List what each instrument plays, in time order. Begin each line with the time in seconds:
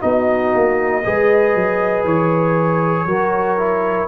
0.00 tuba B3, trombone D#4, horn F#4, trumpet D#5
0.54 tuba A#3
1.04 tuba G#3, trombone G#4, horn B4
1.55 tuba F#3
2.04 tuba E3, trumpet C#5
3.06 tuba F#3, trombone F#4, horn A#4
3.57 trombone E4